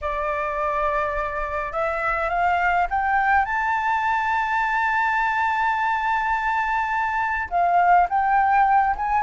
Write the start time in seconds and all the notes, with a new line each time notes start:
0.01 D5
1.72 E5
2.29 F5
2.90 G5
3.45 A5
7.50 F5
8.09 G5
8.96 G#5